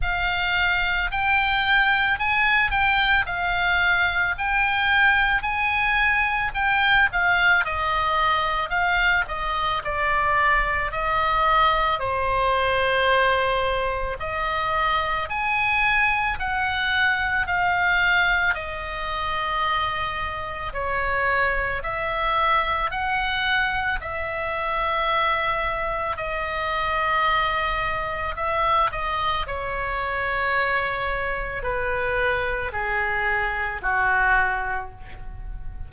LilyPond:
\new Staff \with { instrumentName = "oboe" } { \time 4/4 \tempo 4 = 55 f''4 g''4 gis''8 g''8 f''4 | g''4 gis''4 g''8 f''8 dis''4 | f''8 dis''8 d''4 dis''4 c''4~ | c''4 dis''4 gis''4 fis''4 |
f''4 dis''2 cis''4 | e''4 fis''4 e''2 | dis''2 e''8 dis''8 cis''4~ | cis''4 b'4 gis'4 fis'4 | }